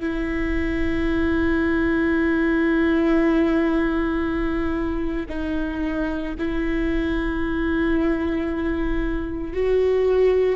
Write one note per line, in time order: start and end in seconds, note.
0.00 5.26 E4
5.29 6.34 D#4
6.38 9.53 E4
9.53 10.56 F#4